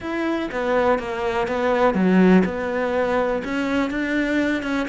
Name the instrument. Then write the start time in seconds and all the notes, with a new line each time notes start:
cello
0.00 E4
0.51 B3
0.99 A#3
1.47 B3
1.94 F#3
2.44 B3
3.44 C#4
3.90 D4
4.62 C#4